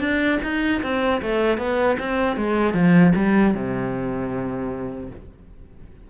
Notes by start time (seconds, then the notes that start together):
0.00 D4
0.44 D#4
0.83 C4
1.22 A3
1.58 B3
1.99 C4
2.37 G#3
2.74 F3
3.16 G3
3.55 C3